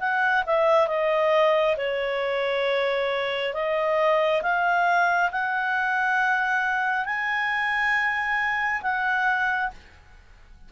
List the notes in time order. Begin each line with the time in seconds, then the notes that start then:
0.00 F#5
0.47 E5
0.88 D#5
1.78 C#5
3.54 D#5
4.43 F5
5.32 F#5
7.06 G#5
8.83 F#5